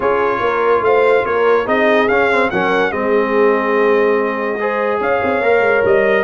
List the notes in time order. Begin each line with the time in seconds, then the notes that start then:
0.00 C#4 F4 G#4 C#5
0.40 A#3 A#4
0.81 A3 C5 F5
1.25 A#3 A#4 C#5
1.65 C4 D#4 G#4 D#5
2.08 C#4 F5
2.31 C4
2.50 F#3 C#4 A#4 F#5
2.91 G#3 C4 G#4 D#5
4.59 G#4 C5
5.00 C#4 C#5 F5
5.23 C4
5.40 A#3 A#4
5.61 G#3
5.84 G3 D#5